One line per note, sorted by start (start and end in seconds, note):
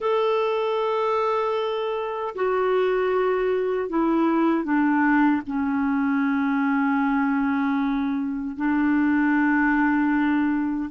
0.00 2.34 A4
2.35 3.89 F#4
3.89 4.64 E4
4.64 5.42 D4
5.46 8.56 C#4
8.56 10.90 D4